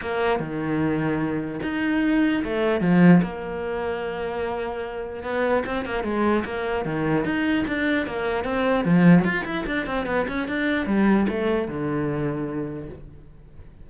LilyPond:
\new Staff \with { instrumentName = "cello" } { \time 4/4 \tempo 4 = 149 ais4 dis2. | dis'2 a4 f4 | ais1~ | ais4 b4 c'8 ais8 gis4 |
ais4 dis4 dis'4 d'4 | ais4 c'4 f4 f'8 e'8 | d'8 c'8 b8 cis'8 d'4 g4 | a4 d2. | }